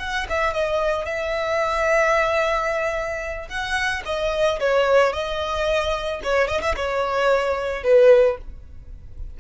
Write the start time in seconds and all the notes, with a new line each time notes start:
0.00 F#5
0.30 E5
0.54 D#5
1.06 E5
3.49 F#5
4.06 D#5
4.60 C#5
5.13 D#5
6.24 C#5
6.48 D#5
6.62 E5
6.77 C#5
7.84 B4